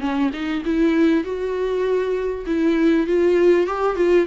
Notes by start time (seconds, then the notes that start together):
0.00 C#4
0.33 D#4
0.65 E4
1.23 F#4
2.46 E4
3.06 F4
3.67 G4
3.96 F4